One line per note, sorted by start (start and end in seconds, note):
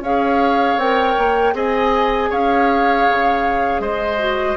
0.00 0.76 C#4
0.00 0.79 G#4
0.00 1.54 C#5
0.00 0.79 F5
0.76 1.14 C4
0.76 1.53 A#4
0.76 1.55 G5
1.18 1.53 A#3
1.53 2.29 C4
1.53 4.19 G#4
1.53 2.30 D#5
1.53 2.31 G#5
2.30 3.07 C#4
2.30 3.81 C#5
2.30 3.80 F5
3.08 3.79 C#3
3.79 4.55 G#3
3.79 4.57 C5
3.79 4.56 D#5
4.19 4.57 F#4